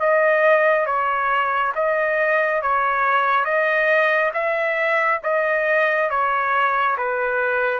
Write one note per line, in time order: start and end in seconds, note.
0.00 0.86 D#5
0.86 1.73 C#5
1.75 2.62 D#5
2.62 3.45 C#5
3.45 4.32 D#5
4.34 5.21 E5
5.23 6.10 D#5
6.10 6.97 C#5
6.98 7.79 B4